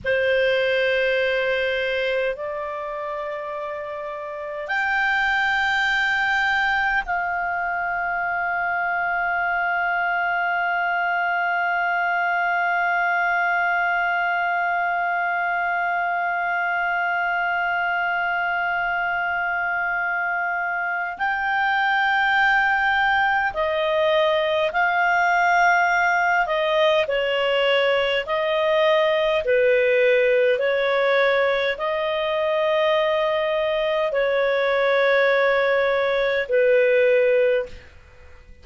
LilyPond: \new Staff \with { instrumentName = "clarinet" } { \time 4/4 \tempo 4 = 51 c''2 d''2 | g''2 f''2~ | f''1~ | f''1~ |
f''2 g''2 | dis''4 f''4. dis''8 cis''4 | dis''4 b'4 cis''4 dis''4~ | dis''4 cis''2 b'4 | }